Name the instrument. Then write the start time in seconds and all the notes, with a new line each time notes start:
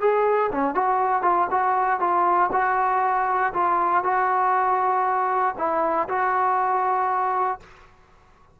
trombone
0.00 G#4
0.52 C#4
0.74 F#4
1.22 F4
1.50 F#4
2.00 F4
2.52 F#4
3.53 F4
4.04 F#4
5.58 E4
6.08 F#4